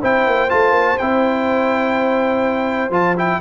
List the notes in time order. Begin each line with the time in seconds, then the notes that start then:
0.00 C4 E4 C5 G5
0.26 A#3
0.49 A3 F4 A5
0.70 A#3
0.97 C4 E4 G5
2.90 F3 F4 A5
3.16 E4 G5